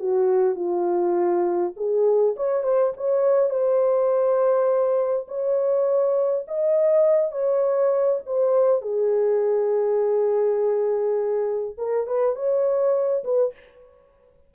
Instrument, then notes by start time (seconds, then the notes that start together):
horn
0.00 F#4
0.56 F4
1.77 G#4
2.37 C#5
2.64 C5
2.97 C#5
3.51 C5
5.28 C#5
6.48 D#5
7.32 C#5
8.26 C5
8.82 G#4
11.78 A#4
12.07 B4
12.36 C#5
13.24 B4